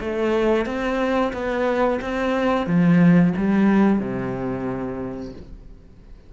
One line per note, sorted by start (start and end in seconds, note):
0.00 0.66 A3
0.66 1.33 C4
1.33 2.00 B3
2.01 2.67 C4
2.67 3.33 F3
3.37 3.99 G3
3.99 5.33 C3